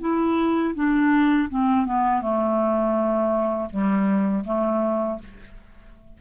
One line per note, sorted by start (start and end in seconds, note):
0.00 0.74 E4
0.75 1.49 D4
1.49 1.86 C4
1.86 2.22 B3
2.22 3.70 A3
3.70 4.44 G3
4.45 5.19 A3